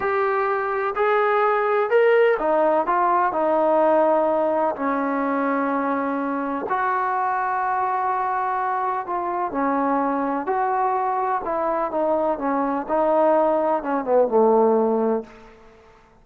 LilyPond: \new Staff \with { instrumentName = "trombone" } { \time 4/4 \tempo 4 = 126 g'2 gis'2 | ais'4 dis'4 f'4 dis'4~ | dis'2 cis'2~ | cis'2 fis'2~ |
fis'2. f'4 | cis'2 fis'2 | e'4 dis'4 cis'4 dis'4~ | dis'4 cis'8 b8 a2 | }